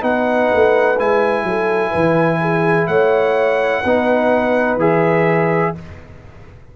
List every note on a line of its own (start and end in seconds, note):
0.00 0.50 B3
0.00 0.95 D#4
0.00 1.43 B4
0.00 0.98 F#5
0.53 0.99 A3
0.98 1.43 G#3
0.98 3.84 E4
0.98 2.87 G#5
1.43 1.91 F#3
1.43 1.90 A4
1.90 2.87 E3
1.90 2.37 B4
2.41 2.88 G#4
2.87 3.83 A3
2.87 3.82 C#5
2.87 4.77 F#5
3.82 4.76 B3
3.82 4.79 D#4
3.82 5.73 B4
4.76 5.71 E3
4.76 5.74 G#4
4.76 5.75 E5